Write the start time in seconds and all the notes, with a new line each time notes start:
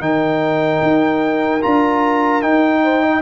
0.00 D#3 D#4 A#4 G5
0.83 D#4
1.62 D4 F4 A#5
2.42 D#4 G5
2.83 C5
3.03 D#5